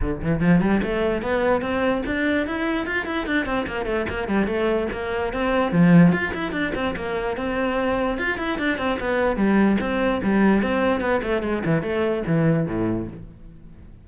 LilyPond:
\new Staff \with { instrumentName = "cello" } { \time 4/4 \tempo 4 = 147 d8 e8 f8 g8 a4 b4 | c'4 d'4 e'4 f'8 e'8 | d'8 c'8 ais8 a8 ais8 g8 a4 | ais4 c'4 f4 f'8 e'8 |
d'8 c'8 ais4 c'2 | f'8 e'8 d'8 c'8 b4 g4 | c'4 g4 c'4 b8 a8 | gis8 e8 a4 e4 a,4 | }